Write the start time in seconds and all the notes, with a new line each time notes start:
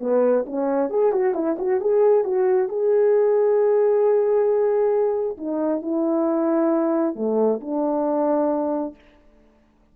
0.00 B3
0.46 C#4
0.90 G#4
1.12 F#4
1.34 E4
1.59 F#4
1.81 G#4
2.24 F#4
2.68 G#4
5.37 D#4
5.82 E4
7.15 A3
7.60 D4